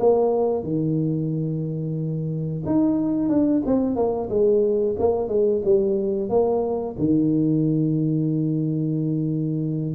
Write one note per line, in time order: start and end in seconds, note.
0.00 0.63 A#3
0.63 2.63 D#3
2.66 3.29 D#4
3.29 3.62 D4
3.66 3.96 C4
3.96 4.29 A#3
4.29 4.96 G#3
4.99 5.28 A#3
5.28 5.62 G#3
5.65 6.29 G3
6.29 6.96 A#3
6.99 9.95 D#3